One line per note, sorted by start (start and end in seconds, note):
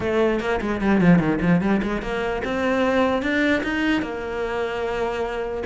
0.00 0.39 A3
0.39 0.59 A#3
0.61 0.81 G#3
0.81 1.00 G3
1.00 1.19 F3
1.19 1.39 D#3
1.41 1.61 F3
1.61 1.81 G3
1.82 2.02 G#3
2.02 2.42 A#3
2.44 3.22 C4
3.22 3.62 D4
3.63 4.02 D#4
4.02 5.63 A#3